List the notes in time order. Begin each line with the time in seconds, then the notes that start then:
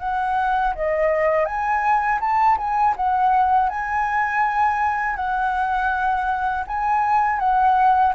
0.00 F#5
0.76 D#5
1.46 G#5
2.21 A5
2.58 G#5
2.97 F#5
3.70 G#5
5.16 F#5
6.67 G#5
7.39 F#5